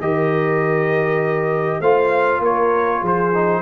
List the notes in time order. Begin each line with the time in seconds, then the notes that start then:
0.00 D#3 G4 A#4 D#5
1.80 A3 F4 C5 F5
2.39 A#3 A#4 C#5
3.00 F3 G#4
3.06 C5
3.33 D#4